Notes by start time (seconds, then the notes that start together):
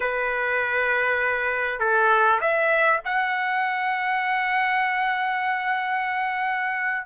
0.00 B4
1.79 A4
2.40 E5
3.04 F#5